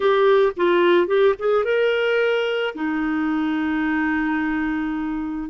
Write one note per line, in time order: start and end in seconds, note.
0.00 0.52 G4
0.56 1.07 F4
1.07 1.34 G4
1.39 1.64 G#4
1.64 2.74 A#4
2.74 5.49 D#4